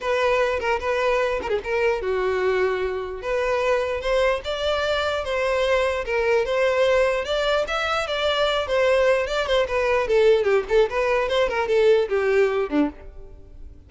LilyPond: \new Staff \with { instrumentName = "violin" } { \time 4/4 \tempo 4 = 149 b'4. ais'8 b'4. ais'16 gis'16 | ais'4 fis'2. | b'2 c''4 d''4~ | d''4 c''2 ais'4 |
c''2 d''4 e''4 | d''4. c''4. d''8 c''8 | b'4 a'4 g'8 a'8 b'4 | c''8 ais'8 a'4 g'4. d'8 | }